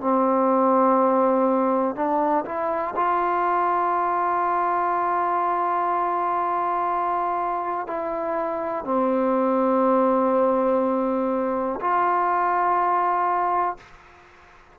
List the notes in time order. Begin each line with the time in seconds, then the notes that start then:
0.00 C4
1.95 D4
2.45 E4
2.96 F4
7.87 E4
8.84 C4
11.80 F4